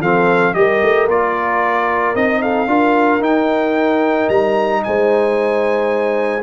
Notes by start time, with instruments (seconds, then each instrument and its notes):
0.00 tuba F3, trombone C4, horn A4, trumpet F5
0.54 tuba G3, trombone G4, horn A#4, trumpet D#5
0.82 tuba A3
1.07 tuba A#3, trombone F4, trumpet D5
2.15 tuba C4, trombone D#4, trumpet D#5
2.42 horn A4, trumpet F5
2.67 tuba D4, trombone F4, horn A#4
3.20 tuba D#4, trombone D#4, trumpet G5
4.29 tuba G3, trumpet A#5
4.84 tuba G#3, horn C5, trumpet G#5